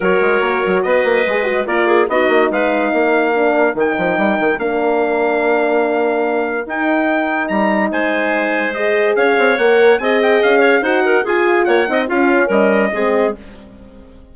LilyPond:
<<
  \new Staff \with { instrumentName = "trumpet" } { \time 4/4 \tempo 4 = 144 cis''2 dis''2 | d''4 dis''4 f''2~ | f''4 g''2 f''4~ | f''1 |
g''2 ais''4 gis''4~ | gis''4 dis''4 f''4 fis''4 | gis''8 g''8 f''4 fis''4 gis''4 | fis''4 f''4 dis''2 | }
  \new Staff \with { instrumentName = "clarinet" } { \time 4/4 ais'2 b'2 | ais'8 gis'8 fis'4 b'4 ais'4~ | ais'1~ | ais'1~ |
ais'2. c''4~ | c''2 cis''2 | dis''4. cis''8 c''8 ais'8 gis'4 | cis''8 dis''8 f'4 ais'4 gis'4 | }
  \new Staff \with { instrumentName = "horn" } { \time 4/4 fis'2. gis'8 fis'8 | f'4 dis'2. | d'4 dis'2 d'4~ | d'1 |
dis'1~ | dis'4 gis'2 ais'4 | gis'2 fis'4 f'4~ | f'8 dis'8 cis'2 c'4 | }
  \new Staff \with { instrumentName = "bassoon" } { \time 4/4 fis8 gis8 ais8 fis8 b8 ais8 gis4 | ais4 b8 ais8 gis4 ais4~ | ais4 dis8 f8 g8 dis8 ais4~ | ais1 |
dis'2 g4 gis4~ | gis2 cis'8 c'8 ais4 | c'4 cis'4 dis'4 f'4 | ais8 c'8 cis'4 g4 gis4 | }
>>